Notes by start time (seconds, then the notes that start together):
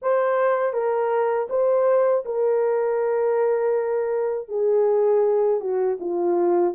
0.02 C5
0.73 A#4
1.49 C5
2.25 A#4
4.48 G#4
5.60 F#4
6.00 F4